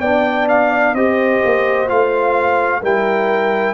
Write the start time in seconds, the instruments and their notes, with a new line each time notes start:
0.00 tuba B3, trombone D4, horn D5, trumpet G5
0.49 trumpet F5
0.94 tuba C4, trombone G4, horn C5, trumpet D#5
1.45 tuba A#3
1.88 tuba A3, trombone F4, trumpet F5
2.82 tuba G3, trombone E4, horn A#4, trumpet G5